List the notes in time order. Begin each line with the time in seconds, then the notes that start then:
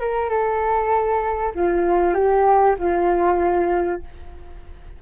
0.00 A#4
0.30 A4
1.55 F4
2.15 G4
2.79 F4